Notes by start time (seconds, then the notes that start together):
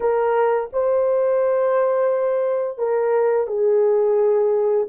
0.00 A#4
0.73 C5
2.77 A#4
3.47 G#4